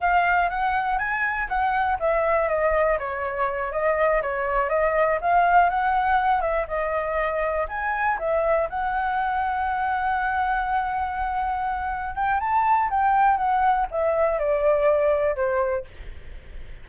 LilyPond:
\new Staff \with { instrumentName = "flute" } { \time 4/4 \tempo 4 = 121 f''4 fis''4 gis''4 fis''4 | e''4 dis''4 cis''4. dis''8~ | dis''8 cis''4 dis''4 f''4 fis''8~ | fis''4 e''8 dis''2 gis''8~ |
gis''8 e''4 fis''2~ fis''8~ | fis''1~ | fis''8 g''8 a''4 g''4 fis''4 | e''4 d''2 c''4 | }